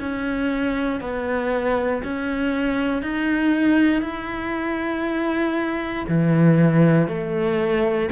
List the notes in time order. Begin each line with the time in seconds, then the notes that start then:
0.00 C#4
1.01 B3
2.04 C#4
3.03 D#4
4.02 E4
6.09 E3
7.08 A3